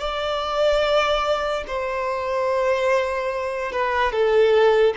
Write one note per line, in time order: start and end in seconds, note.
0.00 1.64 D5
1.67 3.72 C5
3.72 4.12 B4
4.12 4.94 A4